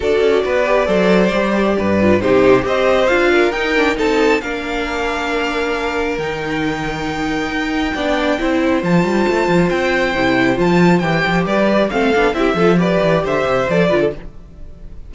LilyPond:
<<
  \new Staff \with { instrumentName = "violin" } { \time 4/4 \tempo 4 = 136 d''1~ | d''4 c''4 dis''4 f''4 | g''4 a''4 f''2~ | f''2 g''2~ |
g''1 | a''2 g''2 | a''4 g''4 d''4 f''4 | e''4 d''4 e''4 d''4 | }
  \new Staff \with { instrumentName = "violin" } { \time 4/4 a'4 b'4 c''2 | b'4 g'4 c''4. ais'8~ | ais'4 a'4 ais'2~ | ais'1~ |
ais'2 d''4 c''4~ | c''1~ | c''2 b'4 a'4 | g'8 a'8 b'4 c''4. b'16 a'16 | }
  \new Staff \with { instrumentName = "viola" } { \time 4/4 fis'4. g'8 a'4 g'4~ | g'8 f'8 dis'4 g'4 f'4 | dis'8 d'8 dis'4 d'2~ | d'2 dis'2~ |
dis'2 d'4 e'4 | f'2. e'4 | f'4 g'2 c'8 d'8 | e'8 f'8 g'2 a'8 f'8 | }
  \new Staff \with { instrumentName = "cello" } { \time 4/4 d'8 cis'8 b4 fis4 g4 | g,4 c4 c'4 d'4 | dis'4 c'4 ais2~ | ais2 dis2~ |
dis4 dis'4 b4 c'4 | f8 g8 a8 f8 c'4 c4 | f4 e8 f8 g4 a8 b8 | c'8 f4 e8 d8 c8 f8 d8 | }
>>